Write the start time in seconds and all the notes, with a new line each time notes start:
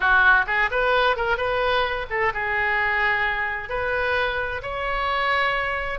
0.00 F#4
0.47 G#4
0.70 B4
1.16 A#4
1.37 B4
2.09 A4
2.33 G#4
3.69 B4
4.62 C#5